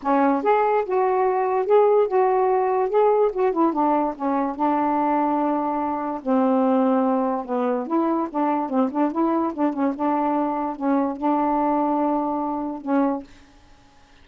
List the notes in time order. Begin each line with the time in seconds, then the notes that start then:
0.02 C#4
0.43 G#4
0.85 F#4
1.66 G#4
2.07 F#4
2.89 G#4
3.32 F#4
3.52 E4
3.72 D4
4.15 C#4
4.55 D4
6.22 C4
7.45 B3
7.86 E4
8.30 D4
8.69 C4
8.91 D4
9.11 E4
9.53 D4
9.73 C#4
9.95 D4
10.76 C#4
11.16 D4
12.81 C#4